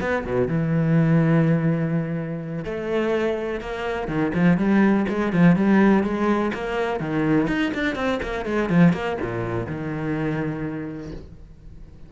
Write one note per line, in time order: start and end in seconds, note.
0.00 0.24 B3
0.25 0.48 B2
0.48 2.65 E3
2.65 3.60 A3
3.60 4.08 A#3
4.08 4.32 D#3
4.34 4.57 F3
4.57 5.05 G3
5.09 5.32 G#3
5.32 5.56 F3
5.56 6.03 G3
6.03 6.52 G#3
6.53 7.00 A#3
7.00 7.47 D#3
7.47 7.72 D#4
7.74 7.95 D4
7.95 8.19 C4
8.22 8.45 A#3
8.45 8.69 G#3
8.69 8.93 F3
8.93 9.17 A#3
9.21 9.66 A#2
9.66 11.12 D#3